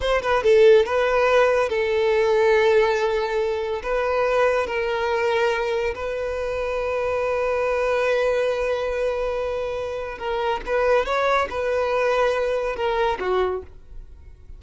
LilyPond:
\new Staff \with { instrumentName = "violin" } { \time 4/4 \tempo 4 = 141 c''8 b'8 a'4 b'2 | a'1~ | a'4 b'2 ais'4~ | ais'2 b'2~ |
b'1~ | b'1 | ais'4 b'4 cis''4 b'4~ | b'2 ais'4 fis'4 | }